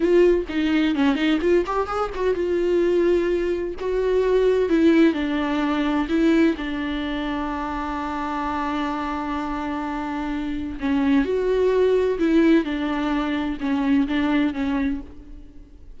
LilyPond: \new Staff \with { instrumentName = "viola" } { \time 4/4 \tempo 4 = 128 f'4 dis'4 cis'8 dis'8 f'8 g'8 | gis'8 fis'8 f'2. | fis'2 e'4 d'4~ | d'4 e'4 d'2~ |
d'1~ | d'2. cis'4 | fis'2 e'4 d'4~ | d'4 cis'4 d'4 cis'4 | }